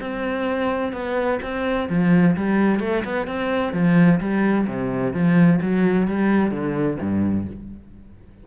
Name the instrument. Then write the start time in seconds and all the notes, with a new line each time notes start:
cello
0.00 C4
0.92 B3
1.42 C4
1.89 F3
2.36 G3
2.80 A3
3.04 B3
3.27 C4
3.73 F3
4.20 G3
4.67 C3
5.13 F3
5.61 F#3
6.07 G3
6.51 D3
7.00 G2